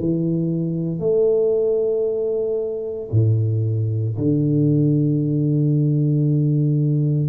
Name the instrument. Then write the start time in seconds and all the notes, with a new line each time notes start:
tuba
0.00 E3
1.00 A3
3.12 A2
4.17 D3